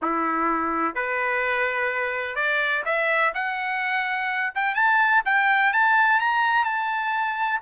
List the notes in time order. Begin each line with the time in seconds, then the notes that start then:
0.02 E4
0.94 B4
2.35 D5
2.85 E5
3.34 F#5
4.54 G5
4.74 A5
5.25 G5
5.73 A5
6.20 A#5
6.64 A5